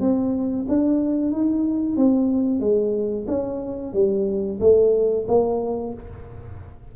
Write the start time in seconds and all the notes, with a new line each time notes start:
0.00 C4
0.68 D4
1.32 D#4
1.96 C4
2.60 G#3
3.28 C#4
3.93 G3
4.60 A3
5.27 A#3